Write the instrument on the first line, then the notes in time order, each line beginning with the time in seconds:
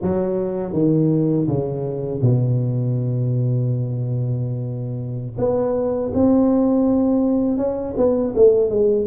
tuba
0.02 F#3
0.72 D#3
1.47 C#3
2.21 B2
5.37 B3
6.13 C4
7.57 C#4
7.96 B3
8.35 A3
8.70 G#3